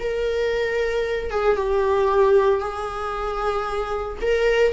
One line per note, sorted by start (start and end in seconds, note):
0.00 1.31 A#4
1.31 1.57 G#4
1.57 2.61 G4
2.61 4.18 G#4
4.22 4.73 A#4